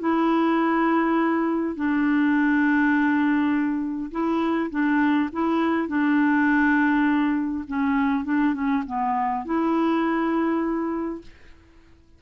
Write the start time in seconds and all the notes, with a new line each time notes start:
0.00 E4
1.76 D4
4.12 E4
4.71 D4
5.33 E4
5.89 D4
7.68 C#4
8.25 D4
8.54 C#4
8.87 B3
9.46 E4